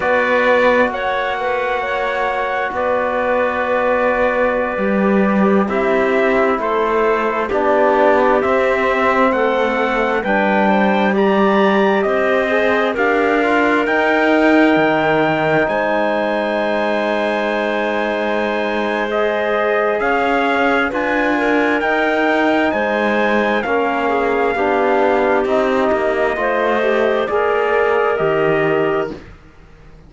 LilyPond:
<<
  \new Staff \with { instrumentName = "trumpet" } { \time 4/4 \tempo 4 = 66 d''4 fis''2 d''4~ | d''2~ d''16 e''4 c''8.~ | c''16 d''4 e''4 fis''4 g''8.~ | g''16 ais''4 dis''4 f''4 g''8.~ |
g''4~ g''16 gis''2~ gis''8.~ | gis''4 dis''4 f''4 gis''4 | g''4 gis''4 f''2 | dis''2 d''4 dis''4 | }
  \new Staff \with { instrumentName = "clarinet" } { \time 4/4 b'4 cis''8 b'8 cis''4 b'4~ | b'2~ b'16 g'4 a'8.~ | a'16 g'2 a'4 b'8 c''16~ | c''16 d''4 c''4 ais'4.~ ais'16~ |
ais'4~ ais'16 c''2~ c''8.~ | c''2 cis''4 b'8 ais'8~ | ais'4 c''4 ais'8 gis'8 g'4~ | g'4 c''4 ais'2 | }
  \new Staff \with { instrumentName = "trombone" } { \time 4/4 fis'1~ | fis'4~ fis'16 g'4 e'4.~ e'16~ | e'16 d'4 c'2 d'8.~ | d'16 g'4. gis'8 g'8 f'8 dis'8.~ |
dis'1~ | dis'4 gis'2 f'4 | dis'2 cis'4 d'4 | dis'4 f'8 g'8 gis'4 g'4 | }
  \new Staff \with { instrumentName = "cello" } { \time 4/4 b4 ais2 b4~ | b4~ b16 g4 c'4 a8.~ | a16 b4 c'4 a4 g8.~ | g4~ g16 c'4 d'4 dis'8.~ |
dis'16 dis4 gis2~ gis8.~ | gis2 cis'4 d'4 | dis'4 gis4 ais4 b4 | c'8 ais8 a4 ais4 dis4 | }
>>